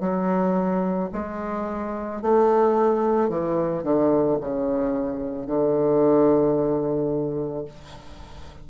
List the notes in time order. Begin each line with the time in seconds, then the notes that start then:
0.00 F#3
1.13 G#3
2.22 A3
3.29 E3
3.83 D3
4.40 C#3
5.46 D3